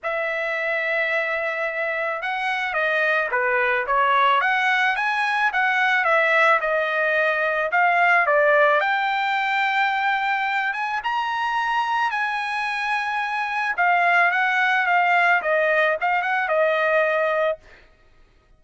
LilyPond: \new Staff \with { instrumentName = "trumpet" } { \time 4/4 \tempo 4 = 109 e''1 | fis''4 dis''4 b'4 cis''4 | fis''4 gis''4 fis''4 e''4 | dis''2 f''4 d''4 |
g''2.~ g''8 gis''8 | ais''2 gis''2~ | gis''4 f''4 fis''4 f''4 | dis''4 f''8 fis''8 dis''2 | }